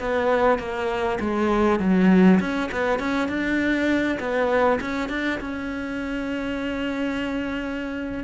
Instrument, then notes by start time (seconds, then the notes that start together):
cello
0.00 B3
0.59 A#3
1.20 G#3
1.80 F#3
2.40 C#4
2.72 B3
3.00 C#4
3.29 D4
4.20 B3
4.81 C#4
5.10 D4
5.41 C#4